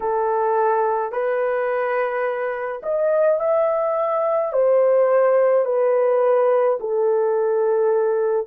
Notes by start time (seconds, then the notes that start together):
0.00 A4
1.12 B4
2.83 D#5
3.40 E5
4.53 C5
5.64 B4
6.79 A4